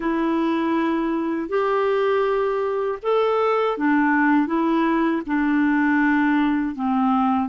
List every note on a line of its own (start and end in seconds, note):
0.00 1.48 E4
1.48 2.98 G4
3.02 3.77 A4
3.77 4.46 D4
4.46 5.21 E4
5.26 6.75 D4
6.75 7.48 C4